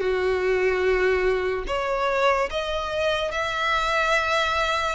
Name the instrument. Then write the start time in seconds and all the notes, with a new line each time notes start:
violin
0.00 F#4
1.67 C#5
2.50 D#5
3.31 E5